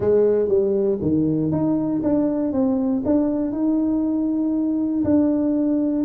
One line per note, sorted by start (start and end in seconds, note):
0.00 0.48 G#3
0.48 0.98 G3
1.01 1.51 D#3
1.51 2.01 D#4
2.03 2.52 D4
2.52 3.02 C4
3.05 3.52 D4
3.52 5.03 D#4
5.04 6.05 D4